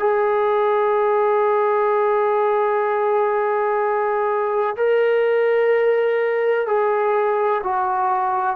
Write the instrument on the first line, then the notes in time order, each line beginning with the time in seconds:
trombone
0.00 G#4
4.77 A#4
6.67 G#4
7.64 F#4